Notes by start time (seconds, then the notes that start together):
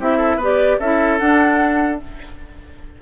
0.00 C4 E4 G4 E5
0.17 A4
0.37 B3 G4 B4
0.44 D5
0.80 C#4 E4 A4 E5
1.19 D4 F#5